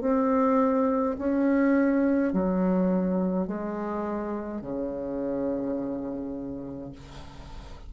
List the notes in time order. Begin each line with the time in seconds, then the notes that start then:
0.00 C4
1.18 C#4
2.32 F#3
3.47 G#3
4.61 C#3